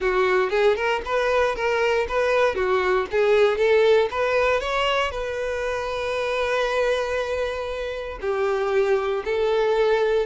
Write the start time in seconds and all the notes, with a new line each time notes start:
0.00 F#4
0.50 G#4
0.76 A#4
1.05 B4
1.55 A#4
2.08 B4
2.55 F#4
3.11 G#4
3.57 A4
4.10 B4
4.60 C#5
5.11 B4
8.21 G4
9.24 A4